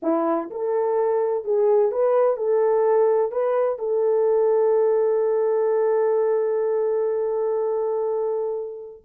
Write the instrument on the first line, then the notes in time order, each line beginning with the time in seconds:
horn
0.02 E4
0.50 A4
1.44 G#4
1.91 B4
2.37 A4
3.31 B4
3.79 A4